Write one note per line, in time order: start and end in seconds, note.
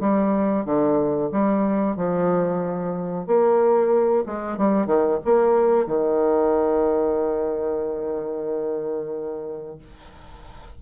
0.00 0.65 G3
0.65 1.30 D3
1.32 1.97 G3
1.97 3.27 F3
3.27 4.25 A#3
4.26 4.58 G#3
4.58 4.86 G3
4.86 5.19 D#3
5.25 5.87 A#3
5.87 9.78 D#3